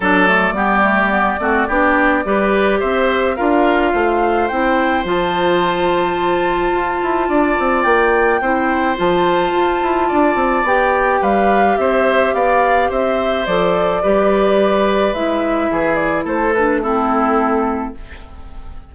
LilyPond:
<<
  \new Staff \with { instrumentName = "flute" } { \time 4/4 \tempo 4 = 107 d''1~ | d''4 e''4 f''2 | g''4 a''2.~ | a''2 g''2 |
a''2. g''4 | f''4 e''4 f''4 e''4 | d''2. e''4~ | e''8 d''8 c''8 b'8 a'2 | }
  \new Staff \with { instrumentName = "oboe" } { \time 4/4 a'4 g'4. fis'8 g'4 | b'4 c''4 ais'4 c''4~ | c''1~ | c''4 d''2 c''4~ |
c''2 d''2 | b'4 c''4 d''4 c''4~ | c''4 b'2. | gis'4 a'4 e'2 | }
  \new Staff \with { instrumentName = "clarinet" } { \time 4/4 d'8 a8 b8 a8 b8 c'8 d'4 | g'2 f'2 | e'4 f'2.~ | f'2. e'4 |
f'2. g'4~ | g'1 | a'4 g'2 e'4~ | e'4. d'8 c'2 | }
  \new Staff \with { instrumentName = "bassoon" } { \time 4/4 fis4 g4. a8 b4 | g4 c'4 d'4 a4 | c'4 f2. | f'8 e'8 d'8 c'8 ais4 c'4 |
f4 f'8 e'8 d'8 c'8 b4 | g4 c'4 b4 c'4 | f4 g2 gis4 | e4 a2. | }
>>